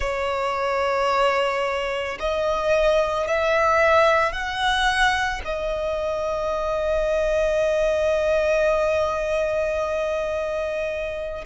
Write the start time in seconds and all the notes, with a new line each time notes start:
0.00 C#5
2.19 D#5
3.27 E5
4.32 F#5
5.44 D#5